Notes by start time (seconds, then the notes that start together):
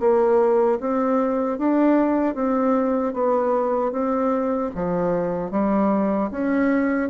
0.00 A#3
0.80 C4
1.59 D4
2.35 C4
3.14 B3
3.92 C4
4.75 F3
5.52 G3
6.31 C#4